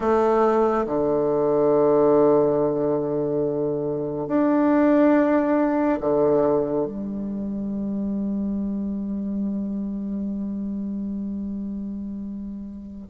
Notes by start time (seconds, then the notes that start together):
0.00 A3
0.86 D3
4.27 D4
6.00 D3
6.85 G3